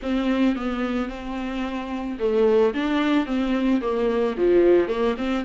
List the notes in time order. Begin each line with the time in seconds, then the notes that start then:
0.02 C4
0.55 B3
1.08 C4
2.19 A3
2.73 D4
3.26 C4
3.81 A#3
4.37 F3
4.87 A#3
5.17 C4